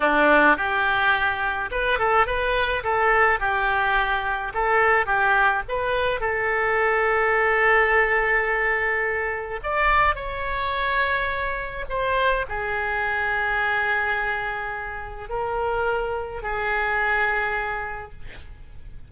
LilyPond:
\new Staff \with { instrumentName = "oboe" } { \time 4/4 \tempo 4 = 106 d'4 g'2 b'8 a'8 | b'4 a'4 g'2 | a'4 g'4 b'4 a'4~ | a'1~ |
a'4 d''4 cis''2~ | cis''4 c''4 gis'2~ | gis'2. ais'4~ | ais'4 gis'2. | }